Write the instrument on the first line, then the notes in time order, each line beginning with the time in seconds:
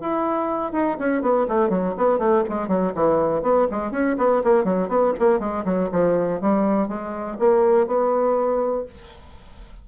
bassoon
0.00 E4
0.72 D#4
0.99 C#4
1.21 B3
1.48 A3
1.69 F#3
1.97 B3
2.18 A3
2.49 G#3
2.68 F#3
2.95 E3
3.42 B3
3.71 G#3
3.91 C#4
4.18 B3
4.44 A#3
4.64 F#3
4.88 B3
5.19 A#3
5.39 G#3
5.64 F#3
5.92 F3
6.40 G3
6.88 G#3
7.39 A#3
7.87 B3